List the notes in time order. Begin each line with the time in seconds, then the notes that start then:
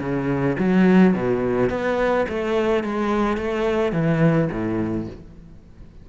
0.00 C#3
0.59 F#3
1.14 B2
1.70 B3
2.29 A3
2.84 G#3
3.37 A3
3.93 E3
4.51 A2